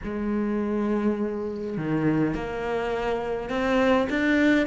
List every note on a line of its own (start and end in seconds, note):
0.03 1.77 G#3
1.77 2.34 D#3
2.34 3.49 A#3
3.49 4.08 C4
4.09 4.66 D4